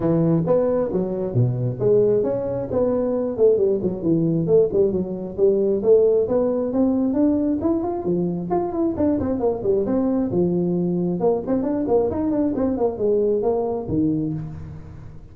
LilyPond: \new Staff \with { instrumentName = "tuba" } { \time 4/4 \tempo 4 = 134 e4 b4 fis4 b,4 | gis4 cis'4 b4. a8 | g8 fis8 e4 a8 g8 fis4 | g4 a4 b4 c'4 |
d'4 e'8 f'8 f4 f'8 e'8 | d'8 c'8 ais8 g8 c'4 f4~ | f4 ais8 c'8 d'8 ais8 dis'8 d'8 | c'8 ais8 gis4 ais4 dis4 | }